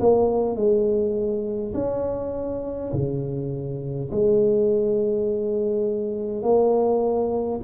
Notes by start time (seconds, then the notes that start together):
0.00 A#3
0.56 G#3
1.74 C#4
2.93 C#3
4.12 G#3
6.43 A#3